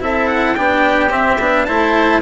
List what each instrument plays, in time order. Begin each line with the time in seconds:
0.00 bassoon C4, cello E4, oboe A4, trumpet E5
0.27 trumpet F#5
0.55 bassoon B3, cello D4, oboe G4, trumpet G5
1.09 cello C4, bassoon C4, trumpet E5
1.39 bassoon B3, cello D4
1.65 bassoon A3, cello E4, oboe C5, trumpet A5